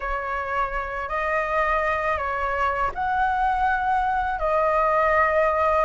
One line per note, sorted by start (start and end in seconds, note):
0.00 1.08 C#5
1.08 2.17 D#5
2.17 2.90 C#5
2.94 4.39 F#5
4.39 5.85 D#5